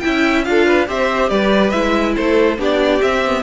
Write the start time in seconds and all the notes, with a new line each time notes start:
0.00 C#4 E4 E5 G5
0.44 D4 F4 A4 F5
0.66 B4
0.86 C4 G4 C5 E5
1.29 G3 B4 D5
1.70 G#3 E4 E5
2.15 A3 A4 C5
2.58 B3 D4 G4 D5
3.01 C4 E5
3.25 B3